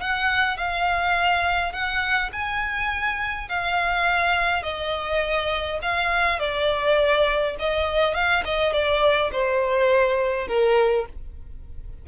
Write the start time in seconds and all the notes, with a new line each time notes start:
0.00 F#5
0.57 F5
1.72 F#5
2.32 G#5
3.48 F5
4.63 D#5
5.82 F5
6.39 D5
7.59 D#5
8.14 F5
8.45 D#5
8.72 D5
9.32 C5
10.47 A#4